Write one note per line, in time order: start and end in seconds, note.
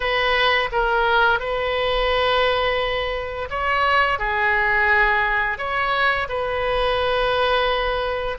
0.00 0.69 B4
0.72 1.39 A#4
1.39 3.49 B4
3.50 4.18 C#5
4.18 5.58 G#4
5.58 6.27 C#5
6.28 8.38 B4